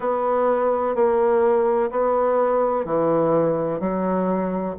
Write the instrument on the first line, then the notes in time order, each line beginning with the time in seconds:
bassoon
0.00 B3
0.95 A#3
1.90 B3
2.85 E3
3.80 F#3